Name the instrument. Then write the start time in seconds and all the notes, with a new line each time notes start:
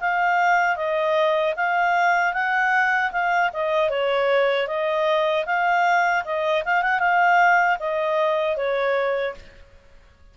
clarinet
0.00 F5
0.76 D#5
1.56 F5
2.33 F#5
3.11 F5
3.53 D#5
3.89 C#5
4.67 D#5
5.46 F5
6.24 D#5
6.65 F5
6.82 F#5
6.99 F5
7.79 D#5
8.56 C#5